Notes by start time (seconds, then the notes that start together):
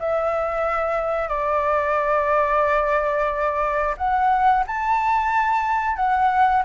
0.00 E5
1.29 D5
3.98 F#5
4.67 A5
5.97 F#5